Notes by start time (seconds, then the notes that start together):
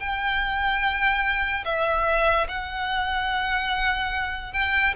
0.00 G5
1.65 E5
2.48 F#5
4.53 G5